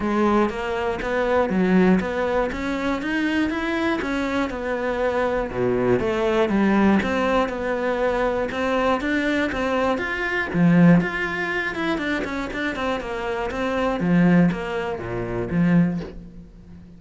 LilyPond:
\new Staff \with { instrumentName = "cello" } { \time 4/4 \tempo 4 = 120 gis4 ais4 b4 fis4 | b4 cis'4 dis'4 e'4 | cis'4 b2 b,4 | a4 g4 c'4 b4~ |
b4 c'4 d'4 c'4 | f'4 f4 f'4. e'8 | d'8 cis'8 d'8 c'8 ais4 c'4 | f4 ais4 ais,4 f4 | }